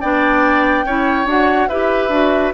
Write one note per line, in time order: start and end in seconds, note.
0.00 0.84 B3
0.00 0.86 D4
0.00 0.85 D5
0.00 1.27 G5
0.84 1.25 C#4
0.84 1.26 E4
0.84 1.68 C#5
1.25 1.67 D4
1.25 1.68 F#4
1.25 1.68 F#5
1.68 2.08 E4
1.68 2.11 G4
1.68 2.53 B4
1.68 2.52 E5
2.08 2.51 D4
2.08 2.53 F#4